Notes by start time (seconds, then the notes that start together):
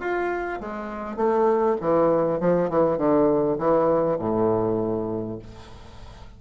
0.00 F4
0.61 G#3
1.17 A3
1.81 E3
2.40 F3
2.70 E3
2.98 D3
3.59 E3
4.19 A2